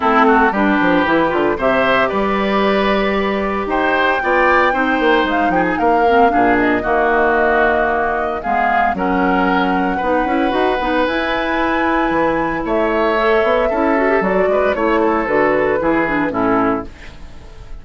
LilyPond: <<
  \new Staff \with { instrumentName = "flute" } { \time 4/4 \tempo 4 = 114 a'4 b'2 e''4 | d''2. g''4~ | g''2 f''8 g''16 gis''16 f''4~ | f''8 dis''2.~ dis''8 |
f''4 fis''2.~ | fis''4 gis''2. | e''2. d''4 | cis''4 b'2 a'4 | }
  \new Staff \with { instrumentName = "oboe" } { \time 4/4 e'8 fis'8 g'2 c''4 | b'2. c''4 | d''4 c''4. gis'8 ais'4 | gis'4 fis'2. |
gis'4 ais'2 b'4~ | b'1 | cis''2 a'4. b'8 | cis''8 a'4. gis'4 e'4 | }
  \new Staff \with { instrumentName = "clarinet" } { \time 4/4 c'4 d'4 e'8 f'8 g'4~ | g'1 | f'4 dis'2~ dis'8 c'8 | d'4 ais2. |
b4 cis'2 dis'8 e'8 | fis'8 dis'8 e'2.~ | e'4 a'4 e'8 fis'16 g'16 fis'4 | e'4 fis'4 e'8 d'8 cis'4 | }
  \new Staff \with { instrumentName = "bassoon" } { \time 4/4 a4 g8 f8 e8 d8 c4 | g2. dis'4 | b4 c'8 ais8 gis8 f8 ais4 | ais,4 dis2. |
gis4 fis2 b8 cis'8 | dis'8 b8 e'2 e4 | a4. b8 cis'4 fis8 gis8 | a4 d4 e4 a,4 | }
>>